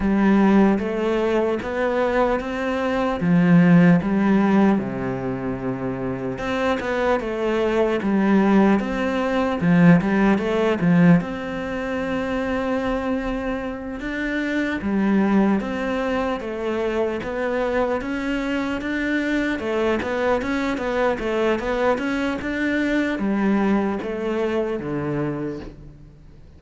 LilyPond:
\new Staff \with { instrumentName = "cello" } { \time 4/4 \tempo 4 = 75 g4 a4 b4 c'4 | f4 g4 c2 | c'8 b8 a4 g4 c'4 | f8 g8 a8 f8 c'2~ |
c'4. d'4 g4 c'8~ | c'8 a4 b4 cis'4 d'8~ | d'8 a8 b8 cis'8 b8 a8 b8 cis'8 | d'4 g4 a4 d4 | }